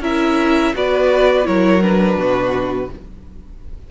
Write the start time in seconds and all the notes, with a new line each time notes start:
0.00 C#4 E4 A#4 E5
0.74 B3 F#4 B4 D5
1.44 F#3 E4 A#4 C#5
1.82 D4 B4
2.18 B2 F#4